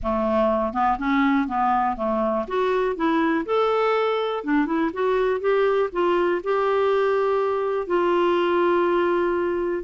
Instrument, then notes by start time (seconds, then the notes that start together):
clarinet
0.02 A3
0.73 B3
0.98 C#4
1.47 B3
1.96 A3
2.47 F#4
2.96 E4
3.45 A4
4.44 D4
4.66 E4
4.93 F#4
5.40 G4
5.92 F4
6.43 G4
7.86 F4